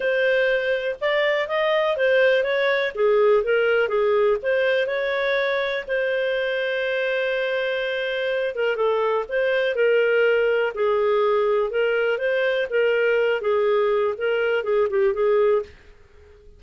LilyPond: \new Staff \with { instrumentName = "clarinet" } { \time 4/4 \tempo 4 = 123 c''2 d''4 dis''4 | c''4 cis''4 gis'4 ais'4 | gis'4 c''4 cis''2 | c''1~ |
c''4. ais'8 a'4 c''4 | ais'2 gis'2 | ais'4 c''4 ais'4. gis'8~ | gis'4 ais'4 gis'8 g'8 gis'4 | }